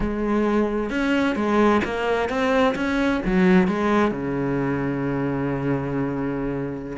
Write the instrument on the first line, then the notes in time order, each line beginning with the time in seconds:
cello
0.00 G#3
0.90 C#4
1.35 G#3
1.84 A#3
2.29 C4
2.75 C#4
3.25 F#3
3.67 G#3
4.11 C#3